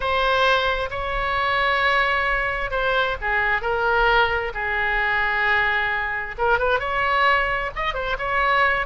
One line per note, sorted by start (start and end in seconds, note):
0.00 0.89 C5
0.90 2.70 C#5
2.70 3.16 C5
3.21 3.61 G#4
3.61 4.52 A#4
4.53 6.35 G#4
6.38 6.58 A#4
6.58 6.79 B4
6.79 7.70 C#5
7.75 7.94 D#5
7.94 8.16 C5
8.18 8.86 C#5